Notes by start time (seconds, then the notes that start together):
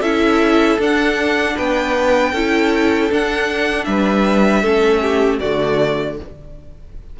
0.00 C#4 E4 A4 E5
0.79 D4 F#5
1.56 B3 B4 G5
2.32 C#4 E4 A4
3.11 D4 F#5
3.85 G3 B4 E5
4.62 A3 C#4 A4
5.02 G4
5.39 D3 A3 F#4 D5